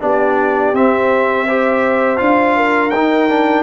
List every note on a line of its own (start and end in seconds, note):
0.00 0.73 B3
0.00 0.73 D4
0.00 1.47 G4
0.00 0.75 D5
0.73 2.19 C4
0.73 1.47 C4
0.73 2.18 E5
1.47 2.17 G4
1.47 2.56 C5
2.17 2.92 D4
2.17 2.90 F4
2.17 2.90 F5
2.56 3.62 A#4
2.90 3.62 D#4
2.90 3.29 D#4
2.90 3.62 G5
3.29 3.62 D4